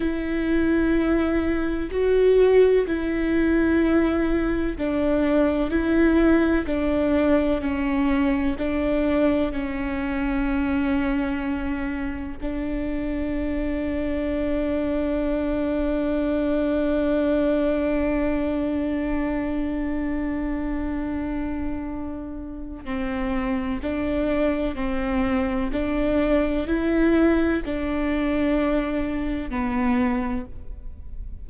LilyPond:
\new Staff \with { instrumentName = "viola" } { \time 4/4 \tempo 4 = 63 e'2 fis'4 e'4~ | e'4 d'4 e'4 d'4 | cis'4 d'4 cis'2~ | cis'4 d'2.~ |
d'1~ | d'1 | c'4 d'4 c'4 d'4 | e'4 d'2 b4 | }